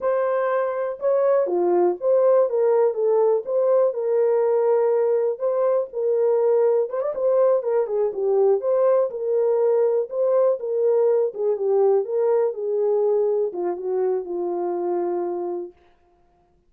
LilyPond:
\new Staff \with { instrumentName = "horn" } { \time 4/4 \tempo 4 = 122 c''2 cis''4 f'4 | c''4 ais'4 a'4 c''4 | ais'2. c''4 | ais'2 c''16 d''16 c''4 ais'8 |
gis'8 g'4 c''4 ais'4.~ | ais'8 c''4 ais'4. gis'8 g'8~ | g'8 ais'4 gis'2 f'8 | fis'4 f'2. | }